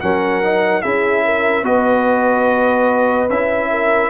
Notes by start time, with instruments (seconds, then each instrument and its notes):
0.00 tuba F#3, trombone C#4, horn A#4, trumpet F#5
0.42 trombone D#4
0.82 tuba C#4, trombone E4, horn G#4, trumpet E5
1.25 horn A#4
1.63 tuba B3, trombone F#4, horn B4, trumpet D#5
3.29 tuba C#4, trombone E4, trumpet E5
3.70 horn A#4